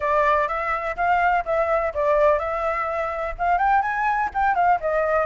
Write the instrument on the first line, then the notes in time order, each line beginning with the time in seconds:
flute
0.00 D5
0.48 E5
0.96 F5
1.45 E5
1.94 D5
2.39 E5
3.38 F5
3.58 G5
3.81 G#5
4.34 G5
4.55 F5
4.80 D#5